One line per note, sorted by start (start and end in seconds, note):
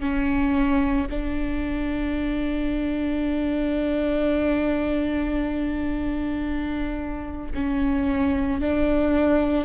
0.00 1.07 C#4
1.10 7.52 D4
7.54 8.62 C#4
8.62 9.65 D4